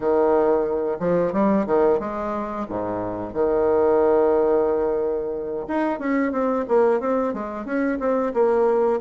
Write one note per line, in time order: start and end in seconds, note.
0.00 0.97 D#3
0.99 1.32 F3
1.32 1.66 G3
1.66 1.99 D#3
1.99 2.66 G#3
2.68 3.33 G#2
3.33 5.66 D#3
5.67 5.99 D#4
5.99 6.32 C#4
6.32 6.65 C4
6.68 7.00 A#3
7.00 7.33 C4
7.33 7.65 G#3
7.65 7.98 C#4
7.99 8.32 C4
8.33 9.00 A#3